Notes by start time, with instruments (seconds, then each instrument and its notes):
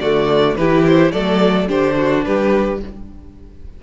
0.00 cello D3, viola A3, violin F#4 D5
0.56 cello E3, viola E4, violin G4 B4
0.87 violin C5
1.12 cello F#3, viola A3, violin A4 D5
1.68 cello D3, viola D4, violin G4 C5
1.97 violin F#4
2.25 cello G3, violin G4 B4